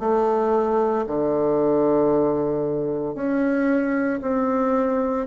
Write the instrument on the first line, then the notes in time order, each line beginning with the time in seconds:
bassoon
0.00 A3
1.07 D3
3.15 C#4
4.22 C4